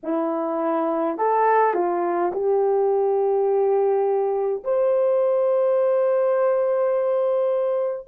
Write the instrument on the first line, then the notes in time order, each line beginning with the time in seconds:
horn
0.03 E4
1.17 A4
1.74 F4
2.32 G4
4.64 C5